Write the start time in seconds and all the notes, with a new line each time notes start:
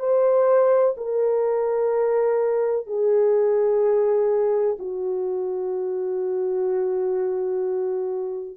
0.00 C5
0.97 A#4
2.87 G#4
4.79 F#4